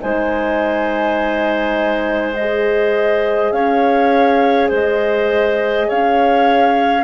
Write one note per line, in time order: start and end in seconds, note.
0.00 3.51 G#3
0.00 2.35 D#4
0.00 3.53 C5
0.00 2.34 G#5
2.34 7.03 G#4
2.34 3.52 D#5
3.51 4.69 C#4
3.51 4.68 C#5
3.51 4.69 F5
4.68 5.88 G#3
4.68 5.86 C5
4.68 5.89 D#5
5.87 7.03 C#4
5.87 7.03 C#5
5.87 7.03 F5